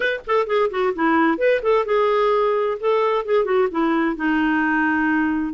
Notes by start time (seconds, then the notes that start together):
0.00 B4
0.26 A4
0.46 G#4
0.70 F#4
0.94 E4
1.38 B4
1.62 A4
1.85 G#4
2.80 A4
3.25 G#4
3.44 F#4
3.71 E4
4.15 D#4